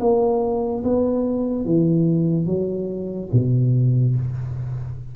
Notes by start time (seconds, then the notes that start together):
0.00 A#3
0.84 B3
1.65 E3
2.46 F#3
3.33 B2